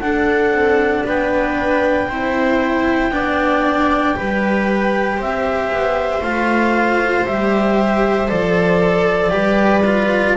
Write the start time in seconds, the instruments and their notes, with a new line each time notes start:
0.00 double bass D4, cello D4, viola A4, clarinet F#5
0.51 double bass C4
1.04 double bass B3, viola B4, clarinet G5
2.07 double bass C4, cello E4, viola C5
3.11 double bass B3, cello D4, viola D5
4.14 double bass G3, cello G4, viola B4
5.17 double bass C4, viola C5, clarinet E5
5.71 double bass B3
6.22 double bass A3, cello F4, clarinet F5
7.26 double bass G3, cello G4, clarinet E5
8.28 double bass F3, cello A4, clarinet D5
9.30 double bass G3, cello G4, viola B4
9.85 cello F4